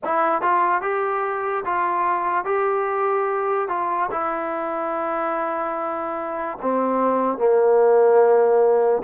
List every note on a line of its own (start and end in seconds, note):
0.03 0.41 E4
0.41 0.81 F4
0.81 1.64 G4
1.65 2.44 F4
2.44 3.68 G4
3.68 4.09 F4
4.11 6.58 E4
6.61 7.37 C4
7.37 9.02 A#3